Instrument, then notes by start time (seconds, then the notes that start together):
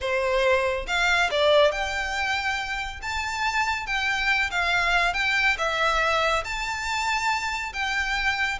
violin
0.00 C5
0.87 F5
1.30 D5
1.71 G5
3.02 A5
3.86 G5
4.50 F5
5.13 G5
5.58 E5
6.44 A5
7.73 G5